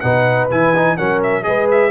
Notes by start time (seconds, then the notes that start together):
0.00 B2 D#4 B4 F#5
0.51 E3 E4 G#5
0.75 D#4
0.97 F#3 C#4 A#4 F#5
1.23 E5
1.43 G#3 G#4 B4 D#5
1.71 E5